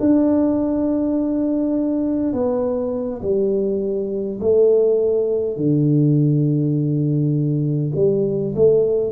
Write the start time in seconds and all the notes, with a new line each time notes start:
0.00 D4
2.33 B3
3.22 G3
4.41 A3
5.57 D3
7.96 G3
8.56 A3